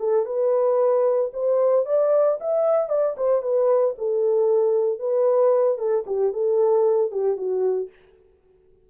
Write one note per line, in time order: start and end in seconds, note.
0.00 0.26 A4
0.26 1.31 B4
1.33 1.86 C5
1.86 2.39 D5
2.41 2.89 E5
2.89 3.16 D5
3.17 3.42 C5
3.42 3.95 B4
3.98 5.00 A4
5.00 5.78 B4
5.78 6.05 A4
6.07 6.33 G4
6.33 7.11 A4
7.11 7.37 G4
7.37 7.89 F#4